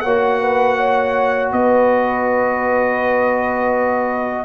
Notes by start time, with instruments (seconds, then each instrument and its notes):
0.00 tuba A#3, trombone F#4, horn C#5, trumpet F#5
0.40 horn B4
0.77 horn C#5
1.52 tuba B3, horn B4, trumpet D#5